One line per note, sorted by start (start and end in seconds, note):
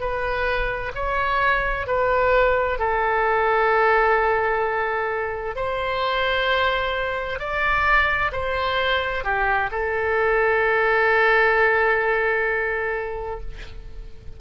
0.00 0.92 B4
0.95 1.87 C#5
1.87 2.79 B4
2.79 5.56 A4
5.56 7.39 C5
7.39 8.32 D5
8.32 9.24 C5
9.24 9.70 G4
9.71 13.41 A4